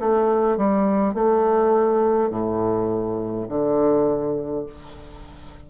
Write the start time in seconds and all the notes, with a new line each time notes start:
0.00 A3
0.57 G3
1.14 A3
2.30 A2
3.49 D3